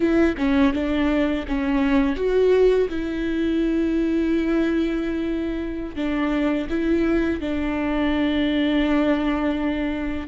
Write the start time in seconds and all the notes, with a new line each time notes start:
0.00 E4
0.37 C#4
0.73 D4
1.47 C#4
2.16 F#4
2.89 E4
5.95 D4
6.69 E4
7.40 D4